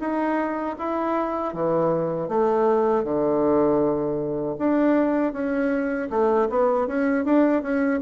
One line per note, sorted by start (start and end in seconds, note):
0.00 0.76 D#4
0.78 1.54 E4
1.54 2.29 E3
2.29 3.04 A3
3.04 4.56 D3
4.58 5.33 D4
5.33 6.09 C#4
6.10 6.48 A3
6.50 6.87 B3
6.87 7.25 C#4
7.25 7.63 D4
7.63 8.01 C#4